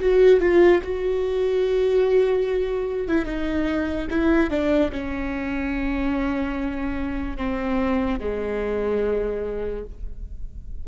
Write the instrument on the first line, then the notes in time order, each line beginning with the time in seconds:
viola
0.00 F#4
0.40 F4
0.83 F#4
3.08 E4
3.25 D#4
4.10 E4
4.50 D4
4.92 C#4
7.37 C4
8.20 G#3